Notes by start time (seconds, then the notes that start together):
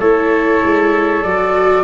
0.00 A3 E4 A4 C#5
0.63 G#3
1.23 F#3 F#4 D5